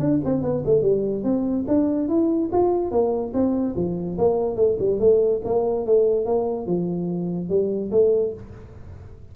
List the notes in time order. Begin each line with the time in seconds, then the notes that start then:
0.00 D4
0.25 C4
0.43 B3
0.66 A3
0.82 G3
1.24 C4
1.68 D4
2.09 E4
2.53 F4
2.91 A#3
3.34 C4
3.76 F3
4.18 A#3
4.56 A3
4.80 G3
5.00 A3
5.45 A#3
5.86 A3
6.26 A#3
6.67 F3
7.50 G3
7.92 A3